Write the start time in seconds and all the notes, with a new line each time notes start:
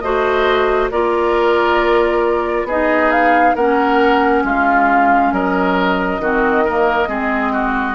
0.00 A3 F#4 C5 D#5
0.91 A#3 F4 A#4 D5
2.64 B3 D#4 G#4 D#5
3.11 F5
3.55 A#3 C#4 A#4 F#5
4.44 G#3 F4 F5
5.32 F#3 A#4 D#5
6.19 D#3 C4 F#4
6.64 A#3 A#4
7.08 G#3 C4 G#4
7.52 F#4